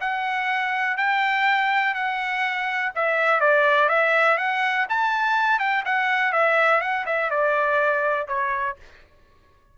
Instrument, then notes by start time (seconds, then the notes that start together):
trumpet
0.00 F#5
0.97 G5
1.94 F#5
2.95 E5
3.40 D5
3.88 E5
4.37 F#5
4.89 A5
5.59 G5
5.85 F#5
6.32 E5
6.81 F#5
7.06 E5
7.30 D5
8.27 C#5